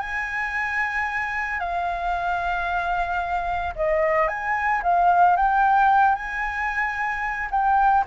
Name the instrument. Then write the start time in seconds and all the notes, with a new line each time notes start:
flute
0.00 G#5
1.60 F5
3.76 D#5
4.28 G#5
4.83 F5
5.37 G5
6.16 G#5
7.51 G5